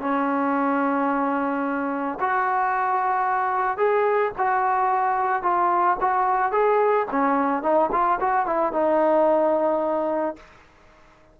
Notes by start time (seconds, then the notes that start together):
0.00 C#4
2.20 F#4
3.77 G#4
4.38 F#4
5.42 F4
6.00 F#4
6.52 G#4
7.11 C#4
7.62 D#4
7.91 F4
8.20 F#4
8.46 E4
8.72 D#4